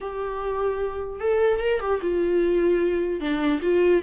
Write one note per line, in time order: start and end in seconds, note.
0.01 1.20 G4
1.20 1.59 A4
1.59 1.80 A#4
1.80 2.00 G4
2.01 3.20 F4
3.20 3.60 D4
3.62 4.02 F4